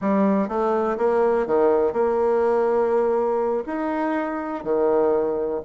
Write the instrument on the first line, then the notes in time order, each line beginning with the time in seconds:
bassoon
0.01 G3
0.48 A3
0.97 A#3
1.46 D#3
1.92 A#3
3.66 D#4
4.63 D#3